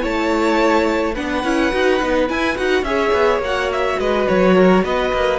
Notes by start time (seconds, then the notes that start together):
0.00 A3 E4 C#5 A5
1.14 B3 D4 B4 F#5
1.44 C#4 E4
1.71 D#4 F#4
2.01 B3 D#4
2.28 E4 G#5
2.56 D#4 F#4 F#5
2.82 C#4 G#4 C#5 E5
3.12 B3
3.38 A#3 F#5
3.45 F#4
3.72 E5
3.99 G#3 B4 D#5
4.27 F#3 C#5
4.55 A#4
4.83 B3 B4 D#5
5.13 A#3